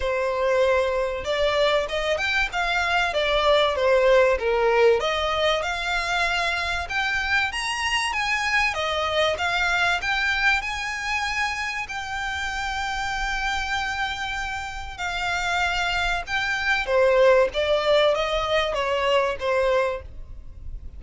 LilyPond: \new Staff \with { instrumentName = "violin" } { \time 4/4 \tempo 4 = 96 c''2 d''4 dis''8 g''8 | f''4 d''4 c''4 ais'4 | dis''4 f''2 g''4 | ais''4 gis''4 dis''4 f''4 |
g''4 gis''2 g''4~ | g''1 | f''2 g''4 c''4 | d''4 dis''4 cis''4 c''4 | }